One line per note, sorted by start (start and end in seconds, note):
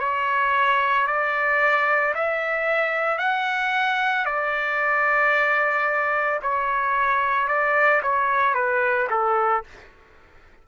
0.00 1.07 C#5
1.07 2.14 D5
2.15 3.19 E5
3.19 4.26 F#5
4.26 6.40 D5
6.43 7.48 C#5
7.48 8.02 D5
8.03 8.54 C#5
8.54 9.08 B4
9.11 9.64 A4